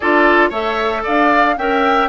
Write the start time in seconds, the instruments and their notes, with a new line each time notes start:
0.00 bassoon D4, clarinet F4, oboe A4, flute D5
0.49 bassoon A3, clarinet A4, oboe C#5, flute E5
1.03 bassoon D4, oboe D5, flute F5
1.57 bassoon C#4, clarinet A#4, oboe E5, flute G5